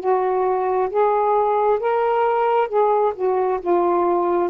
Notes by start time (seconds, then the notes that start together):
0.00 F#4
0.90 G#4
1.80 A#4
2.68 G#4
3.15 F#4
3.61 F4